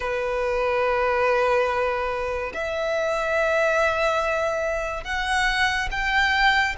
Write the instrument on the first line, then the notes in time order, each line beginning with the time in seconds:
violin
0.00 B4
2.53 E5
5.04 F#5
5.91 G5